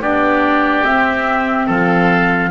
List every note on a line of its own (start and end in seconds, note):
0.00 0.83 B3
0.00 0.84 D4
0.00 1.66 G4
0.00 0.84 D5
0.84 2.51 C4
0.84 1.68 C4
0.84 1.67 E5
1.66 2.51 F3
1.66 2.49 A4
1.66 2.51 F5